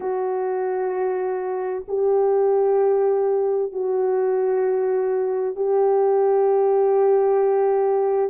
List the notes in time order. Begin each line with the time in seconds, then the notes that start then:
0.00 F#4
1.88 G4
3.72 F#4
5.56 G4